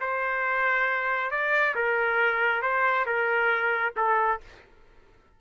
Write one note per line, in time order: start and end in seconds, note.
0.00 1.31 C5
1.31 1.74 D5
1.75 2.62 A#4
2.62 3.05 C5
3.06 3.93 A#4
3.96 4.40 A4